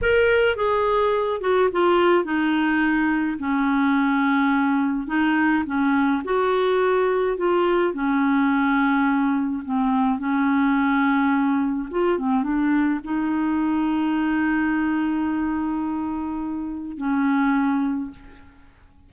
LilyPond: \new Staff \with { instrumentName = "clarinet" } { \time 4/4 \tempo 4 = 106 ais'4 gis'4. fis'8 f'4 | dis'2 cis'2~ | cis'4 dis'4 cis'4 fis'4~ | fis'4 f'4 cis'2~ |
cis'4 c'4 cis'2~ | cis'4 f'8 c'8 d'4 dis'4~ | dis'1~ | dis'2 cis'2 | }